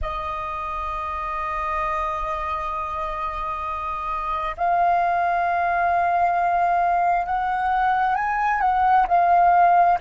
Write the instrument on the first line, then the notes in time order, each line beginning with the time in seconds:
flute
0.01 D#5
4.57 F5
7.26 F#5
8.15 G#5
8.60 F#5
9.07 F5